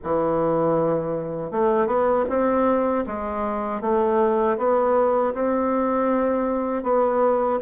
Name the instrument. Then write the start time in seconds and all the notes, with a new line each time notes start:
bassoon
0.03 E3
1.51 A3
1.86 B3
2.29 C4
3.06 G#3
3.81 A3
4.57 B3
5.34 C4
6.83 B3